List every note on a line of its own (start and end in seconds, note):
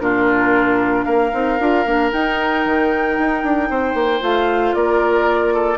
0.00 1.06 A#2
0.00 1.32 D4
0.00 1.05 F4
0.00 1.04 A#4
1.04 1.33 A#3
1.04 3.69 A#4
1.04 2.10 F5
1.32 1.60 C4
1.32 1.59 D#4
1.60 1.86 D4
1.60 1.86 F4
1.86 2.12 A#3
1.86 2.12 D4
2.12 4.21 D#4
2.12 2.65 D#4
2.12 4.24 G5
2.65 3.18 D#3
3.19 3.44 D#4
3.44 3.70 D4
3.70 3.94 C4
3.70 4.76 C5
3.94 4.21 A#3
4.21 4.75 A3
4.21 5.78 F4
4.21 4.74 F5
4.74 5.78 A#3
4.74 5.54 A#4
4.74 5.78 D5
5.54 5.78 A4